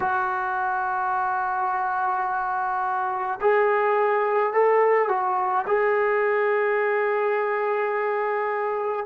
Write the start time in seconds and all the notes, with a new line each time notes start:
0.00 F#4
3.41 G#4
4.53 A4
5.08 F#4
5.67 G#4